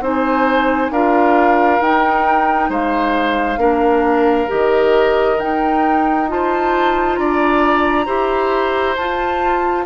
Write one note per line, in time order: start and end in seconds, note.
0.00 0.90 C4
0.00 0.92 D#4
0.00 0.92 C5
0.00 0.92 G#5
0.90 1.79 D4
0.90 1.81 F4
0.90 2.70 A#4
0.90 1.81 F5
1.81 3.57 D#4
1.81 2.69 D#4
1.81 2.71 G5
2.69 3.57 G#3
2.69 3.59 C5
2.69 4.51 F5
3.57 4.46 A#3
3.57 4.47 D4
3.57 6.28 A#4
4.47 5.40 D#3
4.47 5.37 G4
4.47 5.39 D#5
5.39 6.28 D#4
5.39 7.18 D#4
5.39 6.29 G5
6.28 8.06 F4
6.28 7.19 C5
6.28 7.16 A5
7.16 8.07 D4
7.16 8.05 D5
7.16 8.95 A#5
8.05 8.96 E4
8.05 8.95 G4
8.05 9.85 C5
8.96 9.85 F4
8.96 9.85 A5